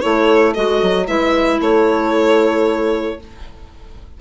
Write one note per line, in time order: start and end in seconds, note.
0.00 0.56 A3
0.00 0.54 E4
0.00 1.07 A4
0.00 0.53 C#5
0.53 0.82 G#3
0.53 1.06 F#4
0.53 1.07 D#5
0.82 1.07 F#3
1.06 1.60 G#3
1.06 3.19 E4
1.06 1.60 B4
1.06 1.60 E5
1.60 3.19 A3
1.60 3.19 A4
1.60 3.20 C#5